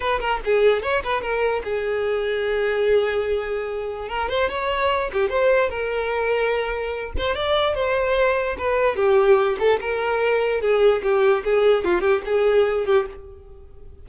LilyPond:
\new Staff \with { instrumentName = "violin" } { \time 4/4 \tempo 4 = 147 b'8 ais'8 gis'4 cis''8 b'8 ais'4 | gis'1~ | gis'2 ais'8 c''8 cis''4~ | cis''8 g'8 c''4 ais'2~ |
ais'4. c''8 d''4 c''4~ | c''4 b'4 g'4. a'8 | ais'2 gis'4 g'4 | gis'4 f'8 g'8 gis'4. g'8 | }